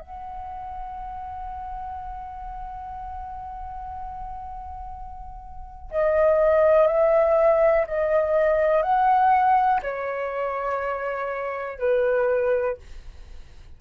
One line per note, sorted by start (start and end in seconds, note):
0.00 5.90 F#5
5.91 6.87 D#5
6.87 7.86 E5
7.86 8.82 D#5
8.82 9.80 F#5
9.82 11.79 C#5
11.79 12.77 B4